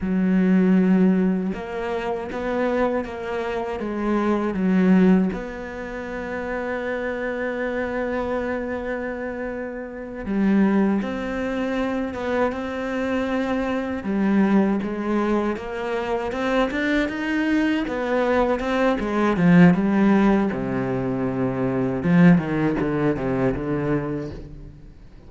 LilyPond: \new Staff \with { instrumentName = "cello" } { \time 4/4 \tempo 4 = 79 fis2 ais4 b4 | ais4 gis4 fis4 b4~ | b1~ | b4. g4 c'4. |
b8 c'2 g4 gis8~ | gis8 ais4 c'8 d'8 dis'4 b8~ | b8 c'8 gis8 f8 g4 c4~ | c4 f8 dis8 d8 c8 d4 | }